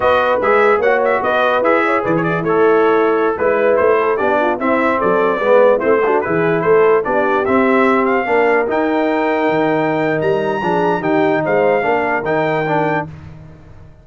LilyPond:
<<
  \new Staff \with { instrumentName = "trumpet" } { \time 4/4 \tempo 4 = 147 dis''4 e''4 fis''8 e''8 dis''4 | e''4 d''16 cis''16 d''8 cis''2~ | cis''16 b'4 c''4 d''4 e''8.~ | e''16 d''2 c''4 b'8.~ |
b'16 c''4 d''4 e''4. f''16~ | f''4~ f''16 g''2~ g''8.~ | g''4 ais''2 g''4 | f''2 g''2 | }
  \new Staff \with { instrumentName = "horn" } { \time 4/4 b'2 cis''4 b'4~ | b'8 cis''8 b'8 e'2~ e'8~ | e'16 b'4. a'8 g'8 f'8 e'8.~ | e'16 a'4 b'4 e'8 fis'8 gis'8.~ |
gis'16 a'4 g'2~ g'8.~ | g'16 ais'2.~ ais'8.~ | ais'2 gis'4 g'4 | c''4 ais'2. | }
  \new Staff \with { instrumentName = "trombone" } { \time 4/4 fis'4 gis'4 fis'2 | gis'2 a'2~ | a'16 e'2 d'4 c'8.~ | c'4~ c'16 b4 c'8 d'8 e'8.~ |
e'4~ e'16 d'4 c'4.~ c'16~ | c'16 d'4 dis'2~ dis'8.~ | dis'2 d'4 dis'4~ | dis'4 d'4 dis'4 d'4 | }
  \new Staff \with { instrumentName = "tuba" } { \time 4/4 b4 gis4 ais4 b4 | e'4 e4 a2~ | a16 gis4 a4 b4 c'8.~ | c'16 fis4 gis4 a4 e8.~ |
e16 a4 b4 c'4.~ c'16~ | c'16 ais4 dis'2 dis8.~ | dis4 g4 f4 dis4 | gis4 ais4 dis2 | }
>>